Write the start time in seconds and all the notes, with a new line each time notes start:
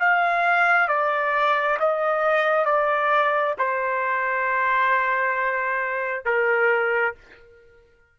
0.00 F5
0.88 D5
1.80 D#5
2.65 D5
3.59 C5
6.26 A#4